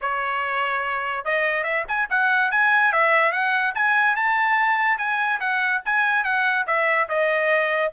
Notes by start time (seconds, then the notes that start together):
0.01 C#5
1.24 D#5
1.63 E5
1.87 G#5
2.10 F#5
2.51 G#5
2.92 E5
3.32 F#5
3.74 G#5
4.16 A5
4.98 G#5
5.40 F#5
5.85 G#5
6.23 F#5
6.66 E5
7.08 D#5